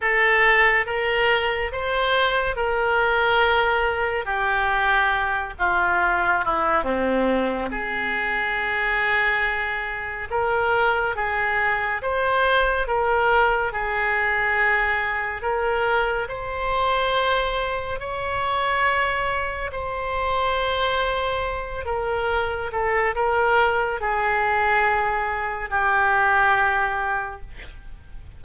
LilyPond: \new Staff \with { instrumentName = "oboe" } { \time 4/4 \tempo 4 = 70 a'4 ais'4 c''4 ais'4~ | ais'4 g'4. f'4 e'8 | c'4 gis'2. | ais'4 gis'4 c''4 ais'4 |
gis'2 ais'4 c''4~ | c''4 cis''2 c''4~ | c''4. ais'4 a'8 ais'4 | gis'2 g'2 | }